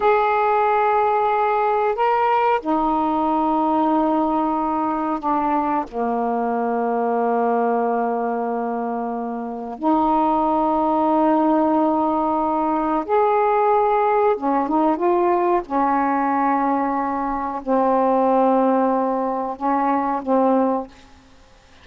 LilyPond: \new Staff \with { instrumentName = "saxophone" } { \time 4/4 \tempo 4 = 92 gis'2. ais'4 | dis'1 | d'4 ais2.~ | ais2. dis'4~ |
dis'1 | gis'2 cis'8 dis'8 f'4 | cis'2. c'4~ | c'2 cis'4 c'4 | }